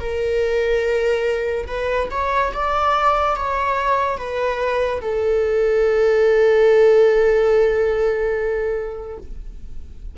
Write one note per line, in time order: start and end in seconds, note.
0.00 1.67 A#4
1.67 2.09 B4
2.11 2.52 C#5
2.53 3.36 D5
3.36 4.17 C#5
4.17 5.01 B4
5.01 9.18 A4